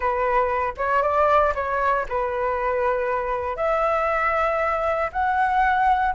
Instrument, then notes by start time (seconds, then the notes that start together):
flute
0.00 B4
0.77 C#5
1.02 D5
1.54 C#5
2.08 B4
3.56 E5
5.12 F#5